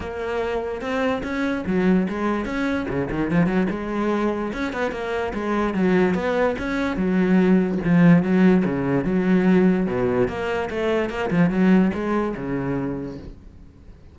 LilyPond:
\new Staff \with { instrumentName = "cello" } { \time 4/4 \tempo 4 = 146 ais2 c'4 cis'4 | fis4 gis4 cis'4 cis8 dis8 | f8 fis8 gis2 cis'8 b8 | ais4 gis4 fis4 b4 |
cis'4 fis2 f4 | fis4 cis4 fis2 | b,4 ais4 a4 ais8 f8 | fis4 gis4 cis2 | }